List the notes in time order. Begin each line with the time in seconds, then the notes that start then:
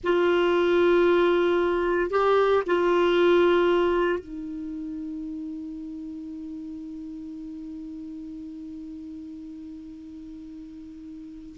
0.03 F4
2.10 G4
2.66 F4
4.19 D#4